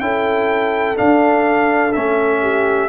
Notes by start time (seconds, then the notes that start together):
0.00 C#4 E4 A4 G5
0.96 D4 F5
1.93 A3 C#4 E5
2.41 G4